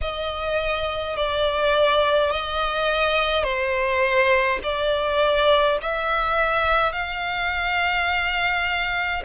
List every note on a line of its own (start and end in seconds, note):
0.01 1.16 D#5
1.16 2.31 D5
2.31 3.43 D#5
3.43 4.58 C5
4.63 5.78 D5
5.81 6.92 E5
6.92 9.23 F5